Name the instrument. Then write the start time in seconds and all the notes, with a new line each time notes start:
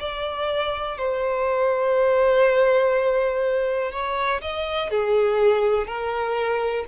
violin
0.00 D5
0.98 C5
3.92 C#5
4.41 D#5
4.90 G#4
5.87 A#4